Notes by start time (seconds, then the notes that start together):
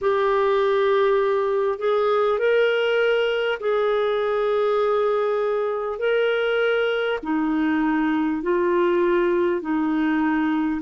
0.01 G4
1.78 G#4
2.38 A#4
3.59 G#4
5.98 A#4
7.23 D#4
8.42 F4
9.61 D#4